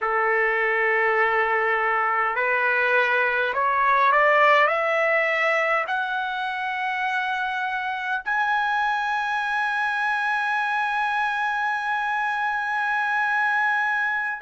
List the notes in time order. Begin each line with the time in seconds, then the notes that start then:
0.01 A4
2.35 B4
3.53 C#5
4.12 D5
4.67 E5
5.87 F#5
8.24 G#5